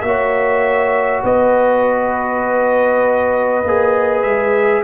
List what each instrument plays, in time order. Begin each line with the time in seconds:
0.00 tuba A#3, trombone F#4, horn C#5, trumpet E5
1.23 tuba B3, horn B4, trumpet D#5
3.64 tuba A#3, trombone G#4
4.22 tuba G#3, trumpet E5